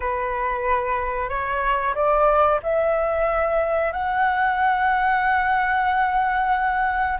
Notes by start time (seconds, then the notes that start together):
0.00 B4
1.29 C#5
1.94 D5
2.62 E5
3.92 F#5